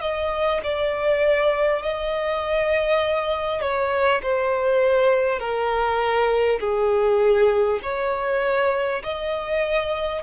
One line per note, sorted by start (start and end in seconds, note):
0.00 0.60 D#5
0.63 1.82 D5
1.82 3.61 D#5
3.61 4.21 C#5
4.22 5.39 C5
5.39 6.59 A#4
6.59 7.79 G#4
7.82 9.02 C#5
9.03 10.22 D#5